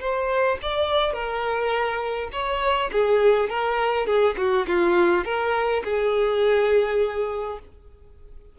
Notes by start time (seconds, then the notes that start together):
0.00 C5
0.62 D5
1.13 A#4
2.32 C#5
2.92 G#4
3.50 A#4
4.06 G#4
4.37 F#4
4.67 F4
5.25 A#4
5.84 G#4